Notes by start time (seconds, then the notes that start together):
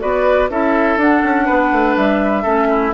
0.00 B3 F#4 B4 D5
0.50 C#4 E4 A4 E5
0.97 D4 F#5
1.24 C#4
1.45 B3 B4
1.72 A3
1.96 G3 E5
2.43 A3 C#4 A4
2.70 E4